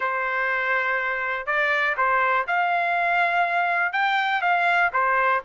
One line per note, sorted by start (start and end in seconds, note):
0.00 1.46 C5
1.46 1.95 D5
1.97 2.46 C5
2.47 3.92 F5
3.92 4.41 G5
4.41 4.90 F5
4.92 5.41 C5